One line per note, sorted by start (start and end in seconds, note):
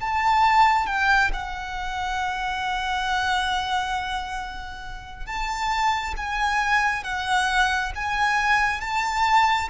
0.00 0.86 A5
0.86 1.30 G5
1.33 5.26 F#5
5.26 6.14 A5
6.16 7.03 G#5
7.03 7.91 F#5
7.95 8.80 G#5
8.80 9.69 A5